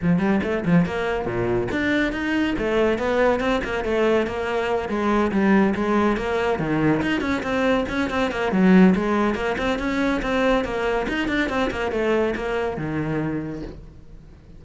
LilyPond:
\new Staff \with { instrumentName = "cello" } { \time 4/4 \tempo 4 = 141 f8 g8 a8 f8 ais4 ais,4 | d'4 dis'4 a4 b4 | c'8 ais8 a4 ais4. gis8~ | gis8 g4 gis4 ais4 dis8~ |
dis8 dis'8 cis'8 c'4 cis'8 c'8 ais8 | fis4 gis4 ais8 c'8 cis'4 | c'4 ais4 dis'8 d'8 c'8 ais8 | a4 ais4 dis2 | }